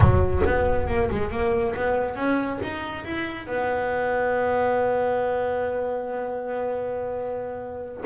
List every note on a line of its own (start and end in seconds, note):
0.00 0.42 F#3
0.45 0.87 B3
0.87 1.09 A#3
1.10 1.30 G#3
1.30 1.74 A#3
1.75 2.15 B3
2.15 2.59 C#4
2.62 3.04 D#4
3.04 3.47 E4
3.47 8.03 B3